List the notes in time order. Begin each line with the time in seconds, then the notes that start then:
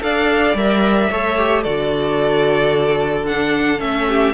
0.00 D4 A4 D5 F5
0.54 G3 A#4 E5
1.10 A3 A4 C#5
1.37 G4
1.63 D3 F#4 A4 D5
3.26 D4 F#5
3.78 A3 C#4 E5
4.08 G4